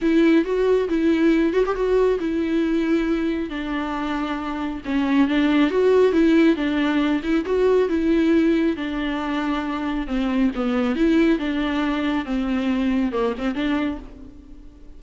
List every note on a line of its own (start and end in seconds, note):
0.01 0.44 E4
0.44 0.88 F#4
0.88 1.53 E4
1.53 1.64 F#4
1.66 1.75 G4
1.75 2.18 F#4
2.19 3.49 E4
3.49 4.81 D4
4.85 5.28 C#4
5.28 5.70 D4
5.70 6.12 F#4
6.12 6.56 E4
6.56 7.21 D4
7.23 7.45 E4
7.45 7.89 F#4
7.89 8.76 E4
8.76 10.07 D4
10.07 10.50 C4
10.55 10.95 B3
10.95 11.39 E4
11.39 12.25 D4
12.25 13.12 C4
13.12 13.34 A#3
13.38 13.54 C4
13.54 13.98 D4